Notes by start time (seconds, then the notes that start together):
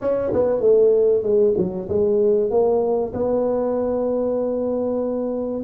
0.01 C#4
0.33 B3
0.60 A3
1.22 G#3
1.57 F#3
1.88 G#3
2.50 A#3
3.13 B3